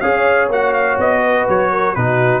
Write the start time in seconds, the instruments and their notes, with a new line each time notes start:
0.00 tuba C#4, trombone G#4, horn C#5, trumpet F5
0.48 tuba A#3, trombone F#4, trumpet F#5
0.73 trumpet F5
0.98 tuba B3, trumpet D#5
1.23 horn B4
1.48 tuba F#3, trumpet C#5
1.71 horn A#4
1.95 tuba B2, trombone D#4, horn F#4, trumpet B4